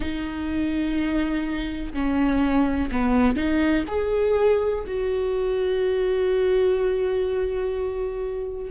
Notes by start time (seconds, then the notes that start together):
0.00 D#4
1.93 C#4
2.91 B3
3.36 D#4
3.87 G#4
4.87 F#4